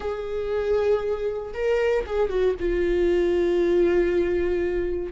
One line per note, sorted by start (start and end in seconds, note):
0.00 1.53 G#4
1.53 2.05 A#4
2.06 2.29 G#4
2.29 2.55 F#4
2.59 5.12 F4